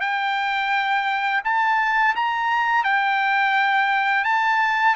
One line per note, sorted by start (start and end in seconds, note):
0.00 1.41 G5
1.44 2.15 A5
2.15 2.84 A#5
2.84 4.24 G5
4.24 4.95 A5